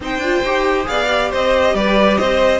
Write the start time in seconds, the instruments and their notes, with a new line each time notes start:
0.00 cello C4, viola D#4, violin C5 G5
0.17 cello D4, viola F4
0.43 cello D#4, viola G4
0.84 cello B3, viola G#4, violin D5 F5
1.07 viola G4
1.30 cello C4, violin C5 D#5
1.74 cello G3, violin B4 D5
2.17 cello C4, violin C5 D#5